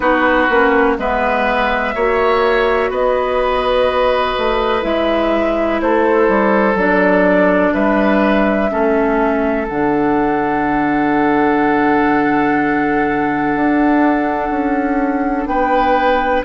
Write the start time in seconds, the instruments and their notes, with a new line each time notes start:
0.00 bassoon B3, clarinet D#4, oboe F#4, flute B4
0.49 bassoon A#3, clarinet C#4
0.98 bassoon G#3, clarinet B3, oboe B4, flute E5
1.94 bassoon A#3, clarinet F#4, oboe C#5
2.90 bassoon B3, oboe B4, flute D#5
4.37 bassoon A3
4.81 bassoon G#3, clarinet E4, flute E5
5.80 bassoon A3, oboe A4, flute C5
6.28 bassoon G3
6.74 bassoon F#3, clarinet D4, flute D5
7.73 bassoon G3, oboe B4, flute E5
8.70 bassoon A3, clarinet C#4, oboe A4
9.68 bassoon D3, clarinet D4, flute F#5
13.55 bassoon D4
14.50 bassoon C#4
15.46 bassoon B3, oboe B4, flute G5